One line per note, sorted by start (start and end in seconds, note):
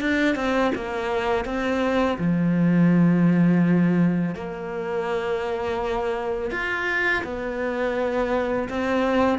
0.00 0.35 D4
0.35 0.71 C4
0.75 1.45 A#3
1.45 2.17 C4
2.18 4.35 F3
4.35 6.50 A#3
6.50 7.23 F4
7.24 8.68 B3
8.68 9.38 C4